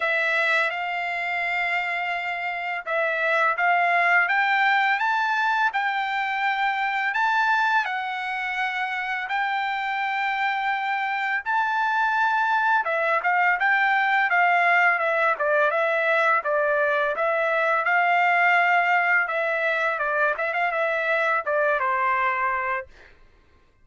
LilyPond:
\new Staff \with { instrumentName = "trumpet" } { \time 4/4 \tempo 4 = 84 e''4 f''2. | e''4 f''4 g''4 a''4 | g''2 a''4 fis''4~ | fis''4 g''2. |
a''2 e''8 f''8 g''4 | f''4 e''8 d''8 e''4 d''4 | e''4 f''2 e''4 | d''8 e''16 f''16 e''4 d''8 c''4. | }